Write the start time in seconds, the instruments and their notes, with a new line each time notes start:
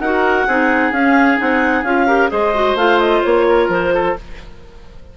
0.00 bassoon D#4, clarinet F#4 F#5, oboe A#4
0.47 bassoon C4, clarinet D#4, oboe G#4
0.92 bassoon C#4, clarinet C#4 F5
1.37 bassoon C4, clarinet D#4 F#5
1.83 bassoon C#4, clarinet F4 F5
2.07 clarinet G4, oboe A#4
2.30 bassoon G#3, clarinet G#4 D#5, oboe C5
2.54 clarinet F#4
2.75 bassoon A3, clarinet F4 F5
3.00 clarinet D#5
3.23 bassoon A#3, clarinet C#5
3.49 oboe A#4
3.69 bassoon F3, clarinet C5
3.95 oboe A4